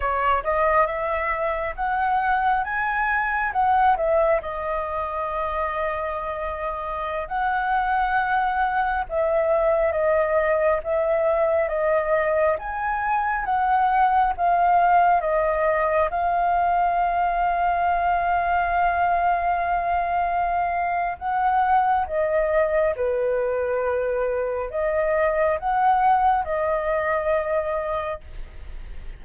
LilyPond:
\new Staff \with { instrumentName = "flute" } { \time 4/4 \tempo 4 = 68 cis''8 dis''8 e''4 fis''4 gis''4 | fis''8 e''8 dis''2.~ | dis''16 fis''2 e''4 dis''8.~ | dis''16 e''4 dis''4 gis''4 fis''8.~ |
fis''16 f''4 dis''4 f''4.~ f''16~ | f''1 | fis''4 dis''4 b'2 | dis''4 fis''4 dis''2 | }